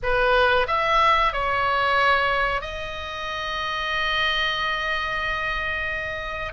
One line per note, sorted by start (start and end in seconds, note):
0.03 0.67 B4
0.67 1.32 E5
1.32 2.61 C#5
2.61 6.52 D#5